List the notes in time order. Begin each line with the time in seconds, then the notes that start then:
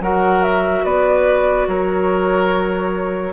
0.00 F#3 F#4 A#4 F#5
0.43 E5
0.84 B3 B4 D5
1.68 F#3 A#4 C#5